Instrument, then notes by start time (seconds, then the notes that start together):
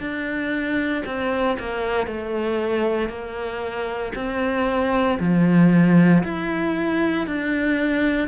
cello
0.00 D4
1.06 C4
1.59 A#3
2.07 A3
3.09 A#3
4.16 C4
5.20 F3
6.24 E4
7.27 D4